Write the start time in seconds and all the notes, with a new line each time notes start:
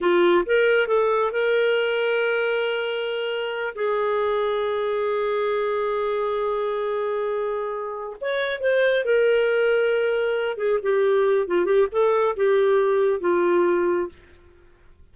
0.00 F4
0.45 A#4
0.87 A4
1.31 A#4
3.75 G#4
8.21 C#5
8.60 C5
9.04 A#4
10.57 G#4
10.82 G4
11.47 F4
11.65 G4
11.91 A4
12.36 G4
13.20 F4